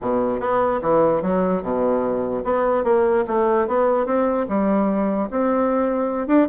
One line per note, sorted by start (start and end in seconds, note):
0.01 0.39 B2
0.39 0.80 B3
0.81 1.21 E3
1.21 1.62 F#3
1.62 2.43 B2
2.44 2.83 B3
2.83 3.24 A#3
3.27 3.67 A3
3.67 4.05 B3
4.05 4.46 C4
4.48 5.29 G3
5.30 6.27 C4
6.27 6.47 D4